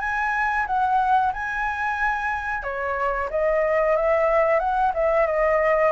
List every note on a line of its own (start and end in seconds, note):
0.00 0.66 G#5
0.67 1.32 F#5
1.33 2.63 G#5
2.63 3.29 C#5
3.30 3.96 D#5
3.96 4.59 E5
4.59 4.92 F#5
4.94 5.26 E5
5.26 5.92 D#5